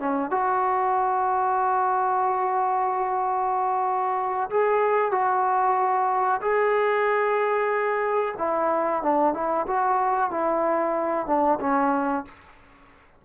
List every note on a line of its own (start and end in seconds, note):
0.00 0.31 C#4
0.31 4.50 F#4
4.50 5.12 G#4
5.12 6.41 F#4
6.42 8.35 G#4
8.39 9.03 E4
9.03 9.34 D4
9.34 9.67 E4
9.68 10.31 F#4
10.31 11.27 E4
11.27 11.59 D4
11.61 12.25 C#4